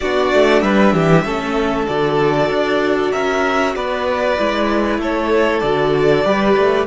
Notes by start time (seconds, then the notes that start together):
0.00 B3 D4 F#4 D5
0.33 A3
0.60 G3 B4 E5
0.93 E3 G4
1.24 A3 C#4 A4
1.86 D3 F#4 D5
2.49 D4
3.11 C#4 A#4 E5
3.75 B3 B4 D5
4.37 G#3 E4
4.98 A3 A4 C#5
5.60 D3 F#4 D5
6.24 G3 G4 B4
6.56 A3